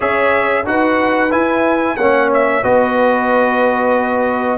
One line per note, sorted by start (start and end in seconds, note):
0.00 0.66 C#4
0.00 0.64 G#4
0.00 0.63 C#5
0.00 0.66 E5
0.65 1.31 D#4
0.65 1.30 F#4
0.65 1.97 B4
0.65 1.32 F#5
1.30 1.96 E4
1.30 1.97 E4
1.30 1.96 G#5
1.96 2.63 A#3
1.96 2.63 C#4
1.96 2.62 C#5
1.96 2.29 F#5
2.33 2.63 E5
2.62 4.58 B3
2.62 4.58 F#4
2.62 4.58 B4
2.62 4.58 D#5